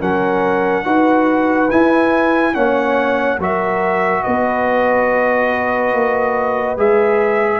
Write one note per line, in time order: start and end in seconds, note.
0.00 0.86 F#3
0.00 0.84 C#4
0.00 0.85 A#4
0.00 1.70 F#5
0.84 1.70 D#4
0.84 1.69 F#4
0.84 2.54 B4
1.70 2.54 E4
1.70 2.56 E4
1.70 2.54 G#5
2.54 3.39 A#3
2.54 3.38 C#4
2.54 3.39 C#5
2.54 3.39 F#5
3.39 4.23 F#3
3.39 6.77 F#4
3.39 4.23 A#4
3.39 4.23 E5
4.23 5.93 B3
4.23 7.60 B4
4.23 6.77 D#5
5.93 6.78 A#3
6.77 7.60 G#3
6.77 7.60 G#4
6.77 7.60 E5